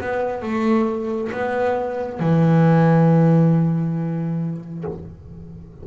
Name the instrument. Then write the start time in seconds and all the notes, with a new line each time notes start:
double bass
0.00 B3
0.42 A3
1.32 B3
2.19 E3